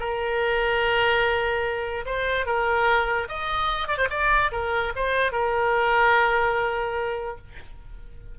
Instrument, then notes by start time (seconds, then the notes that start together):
oboe
0.00 A#4
2.06 C5
2.46 A#4
3.29 D#5
3.88 D5
3.98 C5
4.10 D5
4.52 A#4
4.96 C5
5.32 A#4